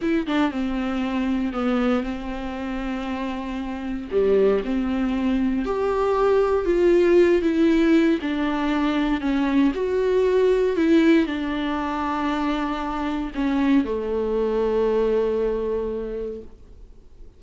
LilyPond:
\new Staff \with { instrumentName = "viola" } { \time 4/4 \tempo 4 = 117 e'8 d'8 c'2 b4 | c'1 | g4 c'2 g'4~ | g'4 f'4. e'4. |
d'2 cis'4 fis'4~ | fis'4 e'4 d'2~ | d'2 cis'4 a4~ | a1 | }